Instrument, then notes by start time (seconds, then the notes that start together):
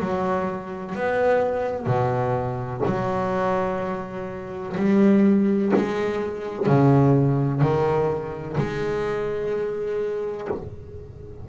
double bass
0.00 F#3
0.95 B3
1.86 B2
2.85 F#3
4.77 G3
5.75 G#3
6.66 C#3
7.61 D#3
8.57 G#3